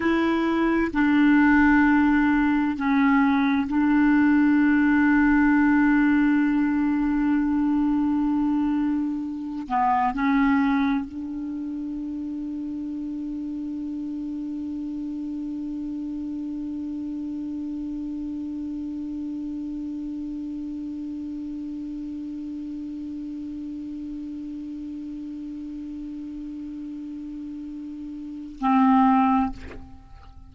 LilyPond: \new Staff \with { instrumentName = "clarinet" } { \time 4/4 \tempo 4 = 65 e'4 d'2 cis'4 | d'1~ | d'2~ d'8 b8 cis'4 | d'1~ |
d'1~ | d'1~ | d'1~ | d'2. c'4 | }